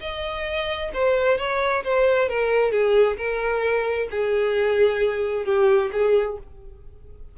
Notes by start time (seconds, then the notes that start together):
0.00 D#5
0.93 C5
1.38 C#5
1.83 C5
2.28 A#4
2.71 G#4
3.17 A#4
4.11 G#4
5.45 G4
5.92 G#4